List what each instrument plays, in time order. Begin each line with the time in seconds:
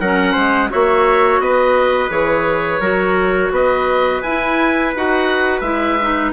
0.00 bassoon F#3, clarinet C#4, trumpet A#4, oboe F#5
0.33 bassoon G#3, trumpet C5
0.70 bassoon A#3, clarinet F#4, trumpet C#5, oboe E5
1.40 bassoon B3, trumpet B4, oboe D#5
2.10 bassoon E3, clarinet G#4, oboe C#5
2.80 bassoon F#3, clarinet F#4, trumpet A#4
3.51 bassoon B3, trumpet B4, oboe D#5
4.22 bassoon E4, clarinet E4, oboe G#5
4.95 bassoon D#4, clarinet F#4, oboe F#5
5.61 bassoon G#3, clarinet E4, oboe E5
6.02 clarinet D#4